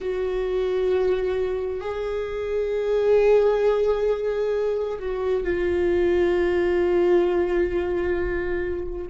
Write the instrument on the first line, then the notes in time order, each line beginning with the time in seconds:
viola
0.00 F#4
1.80 G#4
4.99 F#4
5.43 F4